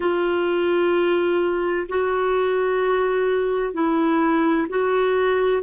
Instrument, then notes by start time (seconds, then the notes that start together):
clarinet
0.00 F4
1.88 F#4
3.73 E4
4.69 F#4